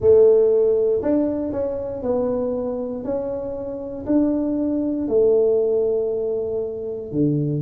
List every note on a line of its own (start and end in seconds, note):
0.00 1.02 A3
1.02 1.52 D4
1.52 2.02 C#4
2.02 3.04 B3
3.04 4.05 C#4
4.06 5.08 D4
5.08 7.11 A3
7.11 7.62 D3